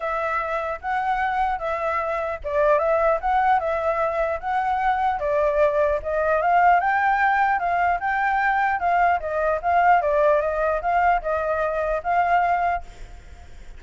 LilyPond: \new Staff \with { instrumentName = "flute" } { \time 4/4 \tempo 4 = 150 e''2 fis''2 | e''2 d''4 e''4 | fis''4 e''2 fis''4~ | fis''4 d''2 dis''4 |
f''4 g''2 f''4 | g''2 f''4 dis''4 | f''4 d''4 dis''4 f''4 | dis''2 f''2 | }